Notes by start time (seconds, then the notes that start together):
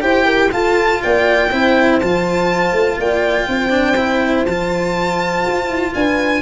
0.00 E4 G4 C5 G5
0.25 A#4
0.51 F4 A4 A5
1.02 A#3 D5 G5
1.50 C4 E4 C5
1.99 F3 F4 A5
2.72 A3
2.97 A#3 D5 G5
3.48 C4 C5
3.70 D4
3.97 E4
4.45 F3 F4 A5
5.46 F4
5.68 E4
5.94 D4 B4 G#5